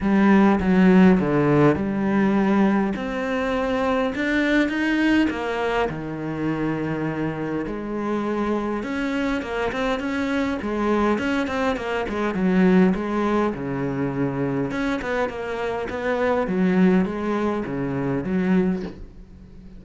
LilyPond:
\new Staff \with { instrumentName = "cello" } { \time 4/4 \tempo 4 = 102 g4 fis4 d4 g4~ | g4 c'2 d'4 | dis'4 ais4 dis2~ | dis4 gis2 cis'4 |
ais8 c'8 cis'4 gis4 cis'8 c'8 | ais8 gis8 fis4 gis4 cis4~ | cis4 cis'8 b8 ais4 b4 | fis4 gis4 cis4 fis4 | }